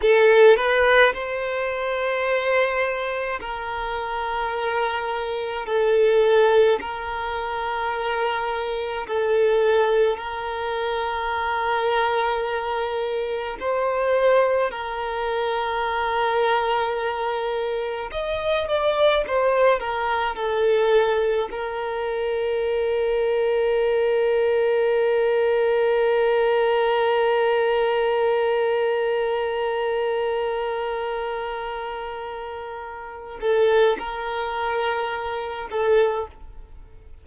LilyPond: \new Staff \with { instrumentName = "violin" } { \time 4/4 \tempo 4 = 53 a'8 b'8 c''2 ais'4~ | ais'4 a'4 ais'2 | a'4 ais'2. | c''4 ais'2. |
dis''8 d''8 c''8 ais'8 a'4 ais'4~ | ais'1~ | ais'1~ | ais'4. a'8 ais'4. a'8 | }